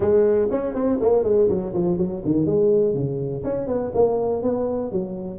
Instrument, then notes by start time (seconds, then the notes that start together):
tuba
0.00 G#3
0.51 C#4
0.74 C4
1.01 A#3
1.23 G#3
1.48 F#3
1.73 F3
1.97 F#3
2.24 D#3
2.45 G#3
2.94 C#3
3.43 C#4
3.67 B3
3.94 A#3
4.42 B3
4.91 F#3